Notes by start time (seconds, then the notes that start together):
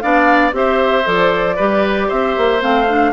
0.00 B3 D4 D5 F5
0.52 C4 G4 C5 E5
1.05 F3 A4 D5
1.56 G3 G4 B4
2.09 C4 C5 E5
2.37 A#3
2.61 A3 C4 F5
2.89 D4